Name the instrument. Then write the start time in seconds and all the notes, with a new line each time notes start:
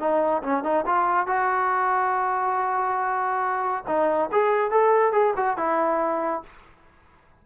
trombone
0.00 D#4
0.43 C#4
0.64 D#4
0.86 F4
1.27 F#4
3.88 D#4
4.32 G#4
4.71 A4
5.13 G#4
5.37 F#4
5.58 E4